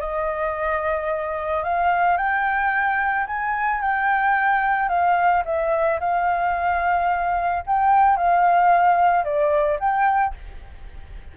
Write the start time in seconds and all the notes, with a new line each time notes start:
0.00 D#5
1.64 F5
2.18 G5
3.27 G#5
3.82 G5
4.89 F5
5.45 E5
6.00 F5
7.67 G5
8.17 F5
9.25 D5
9.80 G5